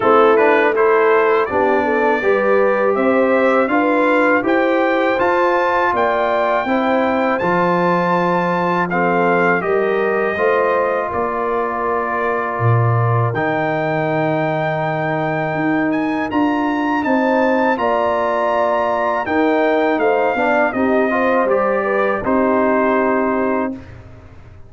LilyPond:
<<
  \new Staff \with { instrumentName = "trumpet" } { \time 4/4 \tempo 4 = 81 a'8 b'8 c''4 d''2 | e''4 f''4 g''4 a''4 | g''2 a''2 | f''4 dis''2 d''4~ |
d''2 g''2~ | g''4. gis''8 ais''4 a''4 | ais''2 g''4 f''4 | dis''4 d''4 c''2 | }
  \new Staff \with { instrumentName = "horn" } { \time 4/4 e'4 a'4 g'8 a'8 b'4 | c''4 b'4 c''2 | d''4 c''2. | a'4 ais'4 c''4 ais'4~ |
ais'1~ | ais'2. c''4 | d''2 ais'4 c''8 d''8 | g'8 c''4 b'8 g'2 | }
  \new Staff \with { instrumentName = "trombone" } { \time 4/4 c'8 d'8 e'4 d'4 g'4~ | g'4 f'4 g'4 f'4~ | f'4 e'4 f'2 | c'4 g'4 f'2~ |
f'2 dis'2~ | dis'2 f'4 dis'4 | f'2 dis'4. d'8 | dis'8 f'8 g'4 dis'2 | }
  \new Staff \with { instrumentName = "tuba" } { \time 4/4 a2 b4 g4 | c'4 d'4 e'4 f'4 | ais4 c'4 f2~ | f4 g4 a4 ais4~ |
ais4 ais,4 dis2~ | dis4 dis'4 d'4 c'4 | ais2 dis'4 a8 b8 | c'4 g4 c'2 | }
>>